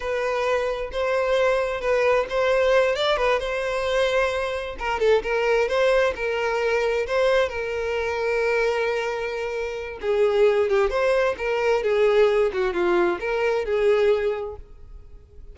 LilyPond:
\new Staff \with { instrumentName = "violin" } { \time 4/4 \tempo 4 = 132 b'2 c''2 | b'4 c''4. d''8 b'8 c''8~ | c''2~ c''8 ais'8 a'8 ais'8~ | ais'8 c''4 ais'2 c''8~ |
c''8 ais'2.~ ais'8~ | ais'2 gis'4. g'8 | c''4 ais'4 gis'4. fis'8 | f'4 ais'4 gis'2 | }